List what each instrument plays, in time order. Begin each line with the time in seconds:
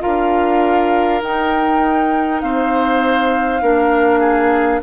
0.00 bassoon D4, clarinet F4, oboe A#4, flute F5
1.22 bassoon D#4, clarinet D#4, flute G5
2.41 bassoon C4, oboe C5, flute F5
3.61 bassoon A#3, clarinet D4, oboe A#4
4.19 oboe G#4